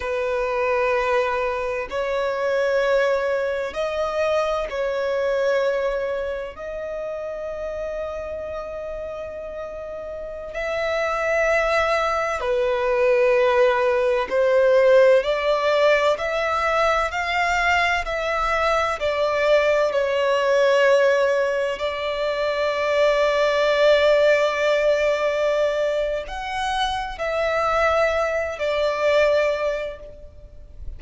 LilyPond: \new Staff \with { instrumentName = "violin" } { \time 4/4 \tempo 4 = 64 b'2 cis''2 | dis''4 cis''2 dis''4~ | dis''2.~ dis''16 e''8.~ | e''4~ e''16 b'2 c''8.~ |
c''16 d''4 e''4 f''4 e''8.~ | e''16 d''4 cis''2 d''8.~ | d''1 | fis''4 e''4. d''4. | }